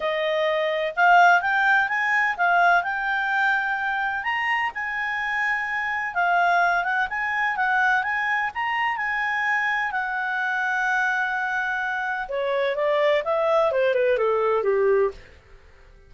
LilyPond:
\new Staff \with { instrumentName = "clarinet" } { \time 4/4 \tempo 4 = 127 dis''2 f''4 g''4 | gis''4 f''4 g''2~ | g''4 ais''4 gis''2~ | gis''4 f''4. fis''8 gis''4 |
fis''4 gis''4 ais''4 gis''4~ | gis''4 fis''2.~ | fis''2 cis''4 d''4 | e''4 c''8 b'8 a'4 g'4 | }